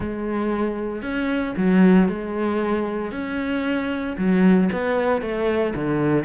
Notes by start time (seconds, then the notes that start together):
0.00 G#3
1.02 C#4
1.56 F#3
2.08 G#3
3.11 C#4
4.17 F#3
4.72 B3
5.21 A3
5.74 D3